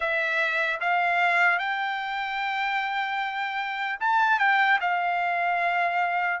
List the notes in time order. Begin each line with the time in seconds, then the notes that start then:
0.00 E5
0.80 F5
1.59 G5
4.00 A5
4.39 G5
4.80 F5